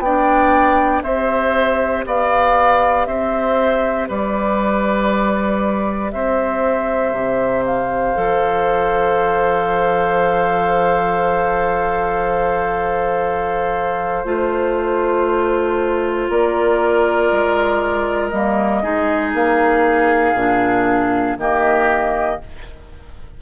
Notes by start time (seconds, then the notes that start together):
0.00 B3 D4 D5 G5
1.03 C4 G4 C5 E5
2.07 B3 D5 F5
3.06 C4 C5 E5
4.08 G3 B4 D5
6.12 C4 C5 E5
7.12 C3
7.66 F5
8.15 F3 A4
14.25 A3 F4 C5
16.29 A#3 A#4 D5
17.32 G#3
18.29 G3 A#3 D#5
18.83 G#3 D#4 G#4
19.34 A#3 F5
20.35 A#2 D4
21.37 D#3 A#3 G4 D#5